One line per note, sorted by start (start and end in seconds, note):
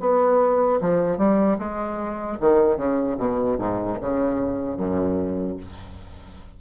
0.00 0.80 B3
0.81 1.18 F3
1.18 1.58 G3
1.59 2.39 G#3
2.40 2.77 D#3
2.77 3.17 C#3
3.17 3.57 B2
3.59 3.99 G#2
4.01 4.77 C#3
4.77 5.57 F#2